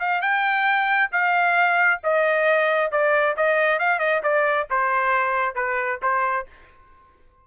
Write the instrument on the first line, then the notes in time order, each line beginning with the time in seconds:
trumpet
0.00 F5
0.22 G5
1.12 F5
2.04 D#5
2.92 D5
3.37 D#5
3.79 F5
3.99 D#5
4.23 D5
4.71 C5
5.56 B4
6.03 C5